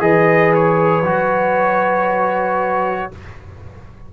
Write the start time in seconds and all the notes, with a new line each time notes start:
0.00 E3 G#4 B4 D#5
0.55 C#5
1.03 F#3 F#4